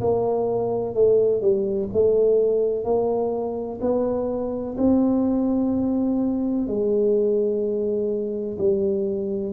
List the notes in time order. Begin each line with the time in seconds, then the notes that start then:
0.00 A#3
0.94 A3
1.41 G3
1.93 A3
2.84 A#3
3.81 B3
4.77 C4
6.67 G#3
8.58 G3